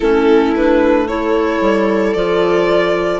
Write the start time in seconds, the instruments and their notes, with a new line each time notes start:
0.00 bassoon A3, clarinet C#4, viola E4, violin A4
0.55 clarinet D4, violin B4
1.07 clarinet E4, viola A4, violin C#5
1.61 bassoon G3
2.13 bassoon F3, clarinet F4, violin D5